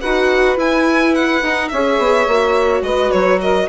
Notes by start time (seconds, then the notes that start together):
0.00 D#4 F#4 B4 F#5
0.57 E4 G#5
1.15 F#5
1.42 D#4
1.69 C#4 G#4 C#5 E5
1.98 B3
2.27 A#3 F#4
2.82 G#3 B4 D#5
3.11 F#3 C#5
3.41 A#4 D#5